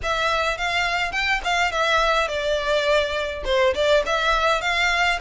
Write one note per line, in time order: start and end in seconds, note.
0.02 0.57 E5
0.57 1.12 F5
1.12 1.41 G5
1.44 1.71 F5
1.71 2.28 E5
2.28 3.43 D5
3.45 3.73 C5
3.74 4.03 D5
4.06 4.61 E5
4.61 5.19 F5